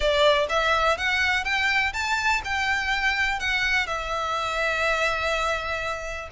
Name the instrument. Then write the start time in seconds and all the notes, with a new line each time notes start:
violin
0.00 D5
0.49 E5
0.97 F#5
1.44 G5
1.93 A5
2.44 G5
3.39 F#5
3.86 E5